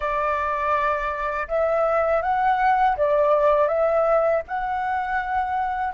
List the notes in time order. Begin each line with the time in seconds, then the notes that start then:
0.00 D5
1.47 E5
2.22 F#5
2.96 D5
3.67 E5
4.47 F#5